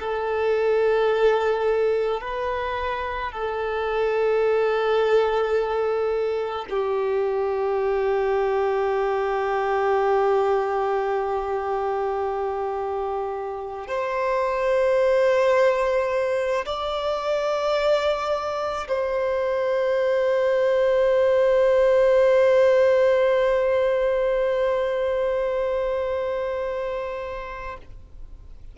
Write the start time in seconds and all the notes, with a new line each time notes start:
0.00 A4
2.21 B4
3.32 A4
6.70 G4
13.88 C5
16.66 D5
18.88 C5